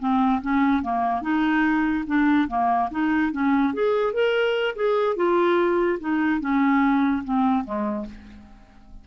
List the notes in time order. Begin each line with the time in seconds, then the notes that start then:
0.00 C4
0.42 C#4
0.83 A#3
1.22 D#4
2.07 D4
2.48 A#3
2.91 D#4
3.32 C#4
3.74 G#4
4.14 A#4
4.76 G#4
5.16 F4
6.00 D#4
6.41 C#4
7.24 C4
7.65 G#3